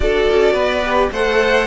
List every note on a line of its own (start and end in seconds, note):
0.00 0.28 D4
0.00 0.81 F#4
0.00 0.53 A4
0.00 1.12 D5
0.30 0.53 C#4
0.53 1.09 B3
0.53 1.09 B4
0.84 1.12 G4
1.11 1.66 A3
1.11 1.66 A4
1.11 1.66 C5
1.11 1.66 F#5